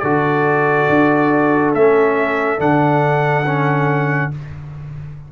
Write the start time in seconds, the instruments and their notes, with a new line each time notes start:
0.00 tuba D3, trombone F#4, horn A4, trumpet D5
0.89 tuba D4
1.75 tuba A3, trombone C#4, trumpet E5
2.59 tuba D3, trombone D4, trumpet F#5
3.46 trombone C#4